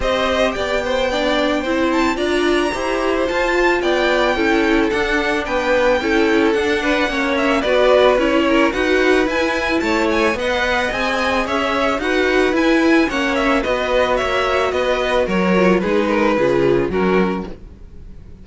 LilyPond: <<
  \new Staff \with { instrumentName = "violin" } { \time 4/4 \tempo 4 = 110 dis''4 g''2~ g''8 a''8 | ais''2 a''4 g''4~ | g''4 fis''4 g''2 | fis''4. e''8 d''4 cis''4 |
fis''4 gis''4 a''8 gis''8 fis''4 | gis''4 e''4 fis''4 gis''4 | fis''8 e''8 dis''4 e''4 dis''4 | cis''4 b'2 ais'4 | }
  \new Staff \with { instrumentName = "violin" } { \time 4/4 c''4 d''8 c''8 d''4 c''4 | d''4 c''2 d''4 | a'2 b'4 a'4~ | a'8 b'8 cis''4 b'4. ais'8 |
b'2 cis''4 dis''4~ | dis''4 cis''4 b'2 | cis''4 b'4 cis''4 b'4 | ais'4 gis'8 ais'8 gis'4 fis'4 | }
  \new Staff \with { instrumentName = "viola" } { \time 4/4 g'2 d'4 e'4 | f'4 g'4 f'2 | e'4 d'2 e'4 | d'4 cis'4 fis'4 e'4 |
fis'4 e'2 b'4 | gis'2 fis'4 e'4 | cis'4 fis'2.~ | fis'8 f'8 dis'4 f'4 cis'4 | }
  \new Staff \with { instrumentName = "cello" } { \time 4/4 c'4 b2 c'4 | d'4 e'4 f'4 b4 | cis'4 d'4 b4 cis'4 | d'4 ais4 b4 cis'4 |
dis'4 e'4 a4 b4 | c'4 cis'4 dis'4 e'4 | ais4 b4 ais4 b4 | fis4 gis4 cis4 fis4 | }
>>